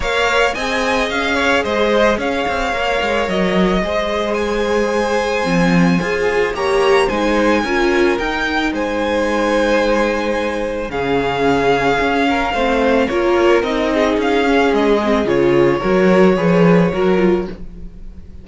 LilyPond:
<<
  \new Staff \with { instrumentName = "violin" } { \time 4/4 \tempo 4 = 110 f''4 gis''4 f''4 dis''4 | f''2 dis''2 | gis''1 | ais''4 gis''2 g''4 |
gis''1 | f''1 | cis''4 dis''4 f''4 dis''4 | cis''1 | }
  \new Staff \with { instrumentName = "violin" } { \time 4/4 cis''4 dis''4. cis''8 c''4 | cis''2. c''4~ | c''1 | cis''4 c''4 ais'2 |
c''1 | gis'2~ gis'8 ais'8 c''4 | ais'4. gis'2~ gis'8~ | gis'4 ais'4 b'4 ais'4 | }
  \new Staff \with { instrumentName = "viola" } { \time 4/4 ais'4 gis'2.~ | gis'4 ais'2 gis'4~ | gis'2 c'4 gis'4 | g'4 dis'4 f'4 dis'4~ |
dis'1 | cis'2. c'4 | f'4 dis'4. cis'4 c'8 | f'4 fis'4 gis'4 fis'8 f'8 | }
  \new Staff \with { instrumentName = "cello" } { \time 4/4 ais4 c'4 cis'4 gis4 | cis'8 c'8 ais8 gis8 fis4 gis4~ | gis2 f4 f'4 | ais4 gis4 cis'4 dis'4 |
gis1 | cis2 cis'4 a4 | ais4 c'4 cis'4 gis4 | cis4 fis4 f4 fis4 | }
>>